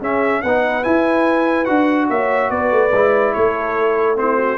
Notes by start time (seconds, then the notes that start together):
0.00 C#4 G#4 E5
0.42 B3 D#4 B4 F#5
0.83 E4 G#5
1.65 D4 F#4 F#5
2.09 A#3 C#5 E5
2.50 B3 B4 D5
2.71 A3
2.92 G#3 E4
3.33 A3 A4 C#5
4.15 C4 E4 C5
4.37 F#4